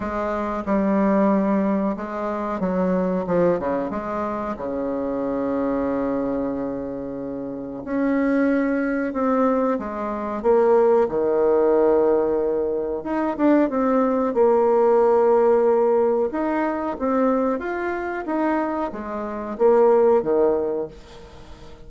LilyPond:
\new Staff \with { instrumentName = "bassoon" } { \time 4/4 \tempo 4 = 92 gis4 g2 gis4 | fis4 f8 cis8 gis4 cis4~ | cis1 | cis'2 c'4 gis4 |
ais4 dis2. | dis'8 d'8 c'4 ais2~ | ais4 dis'4 c'4 f'4 | dis'4 gis4 ais4 dis4 | }